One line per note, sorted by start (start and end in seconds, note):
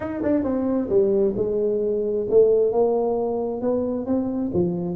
0.00 0.21 D#4
0.22 0.43 D4
0.43 0.88 C4
0.89 1.34 G3
1.36 2.26 G#3
2.29 2.72 A3
2.72 3.61 A#3
3.61 4.06 B3
4.06 4.51 C4
4.53 4.95 F3